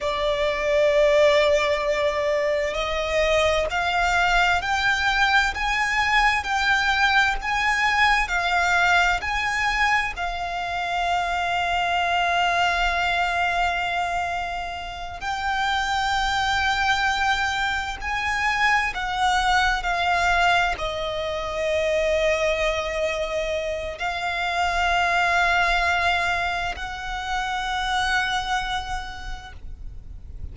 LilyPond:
\new Staff \with { instrumentName = "violin" } { \time 4/4 \tempo 4 = 65 d''2. dis''4 | f''4 g''4 gis''4 g''4 | gis''4 f''4 gis''4 f''4~ | f''1~ |
f''8 g''2. gis''8~ | gis''8 fis''4 f''4 dis''4.~ | dis''2 f''2~ | f''4 fis''2. | }